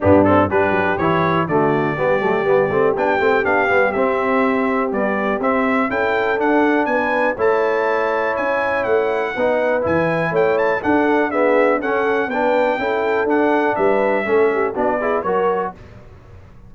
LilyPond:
<<
  \new Staff \with { instrumentName = "trumpet" } { \time 4/4 \tempo 4 = 122 g'8 a'8 b'4 cis''4 d''4~ | d''2 g''4 f''4 | e''2 d''4 e''4 | g''4 fis''4 gis''4 a''4~ |
a''4 gis''4 fis''2 | gis''4 g''8 a''8 fis''4 e''4 | fis''4 g''2 fis''4 | e''2 d''4 cis''4 | }
  \new Staff \with { instrumentName = "horn" } { \time 4/4 d'4 g'2 fis'4 | g'1~ | g'1 | a'2 b'4 cis''4~ |
cis''2. b'4~ | b'4 cis''4 a'4 gis'4 | a'4 b'4 a'2 | b'4 a'8 g'8 fis'8 gis'8 ais'4 | }
  \new Staff \with { instrumentName = "trombone" } { \time 4/4 b8 c'8 d'4 e'4 a4 | b8 a8 b8 c'8 d'8 c'8 d'8 b8 | c'2 g4 c'4 | e'4 d'2 e'4~ |
e'2. dis'4 | e'2 d'4 b4 | cis'4 d'4 e'4 d'4~ | d'4 cis'4 d'8 e'8 fis'4 | }
  \new Staff \with { instrumentName = "tuba" } { \time 4/4 g,4 g8 fis8 e4 d4 | g8 fis8 g8 a8 b8 a8 b8 g8 | c'2 b4 c'4 | cis'4 d'4 b4 a4~ |
a4 cis'4 a4 b4 | e4 a4 d'2 | cis'4 b4 cis'4 d'4 | g4 a4 b4 fis4 | }
>>